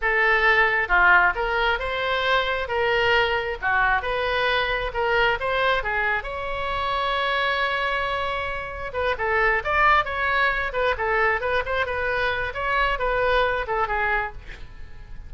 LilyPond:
\new Staff \with { instrumentName = "oboe" } { \time 4/4 \tempo 4 = 134 a'2 f'4 ais'4 | c''2 ais'2 | fis'4 b'2 ais'4 | c''4 gis'4 cis''2~ |
cis''1 | b'8 a'4 d''4 cis''4. | b'8 a'4 b'8 c''8 b'4. | cis''4 b'4. a'8 gis'4 | }